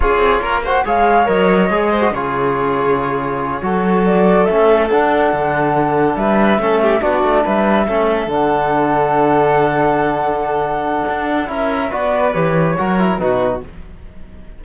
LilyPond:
<<
  \new Staff \with { instrumentName = "flute" } { \time 4/4 \tempo 4 = 141 cis''4. fis''8 f''4 dis''4~ | dis''4 cis''2.~ | cis''4. d''4 e''4 fis''8~ | fis''2~ fis''8 e''4.~ |
e''8 d''4 e''2 fis''8~ | fis''1~ | fis''2. e''4 | d''4 cis''2 b'4 | }
  \new Staff \with { instrumentName = "violin" } { \time 4/4 gis'4 ais'8 c''8 cis''2~ | cis''8 c''8 gis'2.~ | gis'8 a'2.~ a'8~ | a'2~ a'8 b'4 a'8 |
g'8 fis'4 b'4 a'4.~ | a'1~ | a'2. ais'4 | b'2 ais'4 fis'4 | }
  \new Staff \with { instrumentName = "trombone" } { \time 4/4 f'4. fis'8 gis'4 ais'4 | gis'8. fis'16 f'2.~ | f'8 fis'2 cis'4 d'8~ | d'2.~ d'8 cis'8~ |
cis'8 d'2 cis'4 d'8~ | d'1~ | d'2. e'4 | fis'4 g'4 fis'8 e'8 dis'4 | }
  \new Staff \with { instrumentName = "cello" } { \time 4/4 cis'8 c'8 ais4 gis4 fis4 | gis4 cis2.~ | cis8 fis2 a4 d'8~ | d'8 d2 g4 a8~ |
a8 b8 a8 g4 a4 d8~ | d1~ | d2 d'4 cis'4 | b4 e4 fis4 b,4 | }
>>